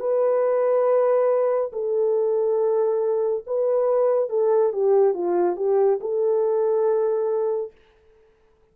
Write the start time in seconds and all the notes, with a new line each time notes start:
0.00 B4
1.73 A4
3.47 B4
4.30 A4
4.73 G4
5.14 F4
5.57 G4
6.01 A4